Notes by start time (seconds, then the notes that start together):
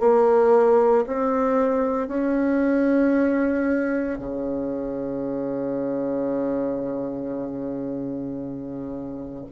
0.00 A#3
1.06 C4
2.08 C#4
4.19 C#3